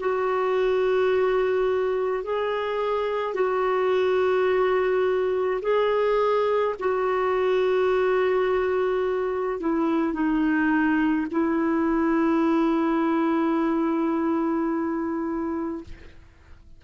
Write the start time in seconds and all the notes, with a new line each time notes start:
0.00 F#4
2.24 G#4
3.34 F#4
5.62 G#4
6.80 F#4
9.60 E4
10.14 D#4
11.32 E4